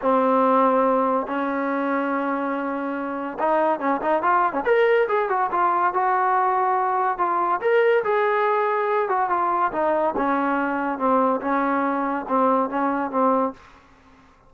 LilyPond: \new Staff \with { instrumentName = "trombone" } { \time 4/4 \tempo 4 = 142 c'2. cis'4~ | cis'1 | dis'4 cis'8 dis'8 f'8. cis'16 ais'4 | gis'8 fis'8 f'4 fis'2~ |
fis'4 f'4 ais'4 gis'4~ | gis'4. fis'8 f'4 dis'4 | cis'2 c'4 cis'4~ | cis'4 c'4 cis'4 c'4 | }